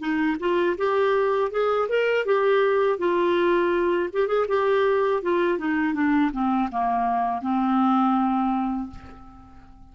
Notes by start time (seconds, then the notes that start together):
0.00 D#4
0.40 F4
0.78 G4
1.52 G#4
1.89 A#4
2.26 G4
2.99 F4
4.13 G4
4.28 G#4
4.48 G4
5.23 F4
5.59 D#4
5.94 D4
6.33 C4
6.71 A#3
7.42 C4